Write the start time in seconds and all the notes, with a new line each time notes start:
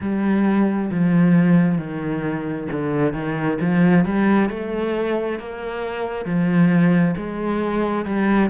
0.00 G3
0.90 F3
1.77 D#3
2.71 D3
3.13 D#3
3.61 F3
4.04 G3
4.49 A3
5.39 A#3
6.25 F3
7.16 G#3
8.05 G3